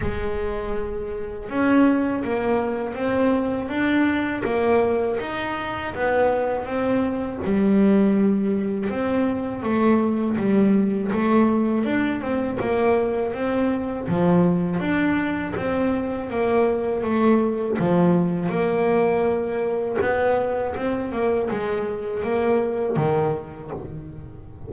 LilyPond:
\new Staff \with { instrumentName = "double bass" } { \time 4/4 \tempo 4 = 81 gis2 cis'4 ais4 | c'4 d'4 ais4 dis'4 | b4 c'4 g2 | c'4 a4 g4 a4 |
d'8 c'8 ais4 c'4 f4 | d'4 c'4 ais4 a4 | f4 ais2 b4 | c'8 ais8 gis4 ais4 dis4 | }